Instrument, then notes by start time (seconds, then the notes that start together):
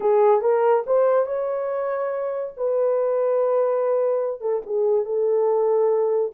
horn
0.00 G#4
0.41 A#4
0.86 C5
1.26 C#5
2.56 B4
4.40 A4
4.66 G#4
5.05 A4